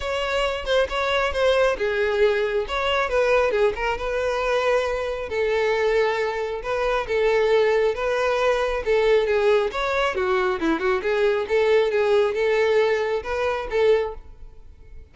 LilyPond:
\new Staff \with { instrumentName = "violin" } { \time 4/4 \tempo 4 = 136 cis''4. c''8 cis''4 c''4 | gis'2 cis''4 b'4 | gis'8 ais'8 b'2. | a'2. b'4 |
a'2 b'2 | a'4 gis'4 cis''4 fis'4 | e'8 fis'8 gis'4 a'4 gis'4 | a'2 b'4 a'4 | }